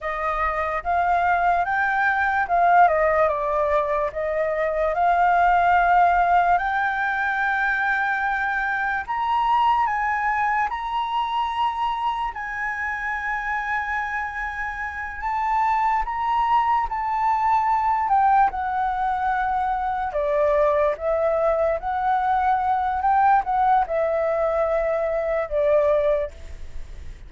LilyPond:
\new Staff \with { instrumentName = "flute" } { \time 4/4 \tempo 4 = 73 dis''4 f''4 g''4 f''8 dis''8 | d''4 dis''4 f''2 | g''2. ais''4 | gis''4 ais''2 gis''4~ |
gis''2~ gis''8 a''4 ais''8~ | ais''8 a''4. g''8 fis''4.~ | fis''8 d''4 e''4 fis''4. | g''8 fis''8 e''2 d''4 | }